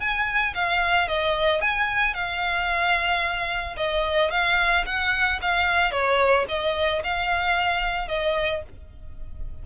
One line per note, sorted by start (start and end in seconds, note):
0.00 0.54 G#5
0.55 1.08 F5
1.08 1.62 D#5
1.62 2.14 G#5
2.14 3.76 F5
3.77 4.31 D#5
4.31 4.85 F5
4.86 5.40 F#5
5.42 5.92 F5
5.92 6.46 C#5
6.48 7.02 D#5
7.04 8.08 F5
8.08 8.62 D#5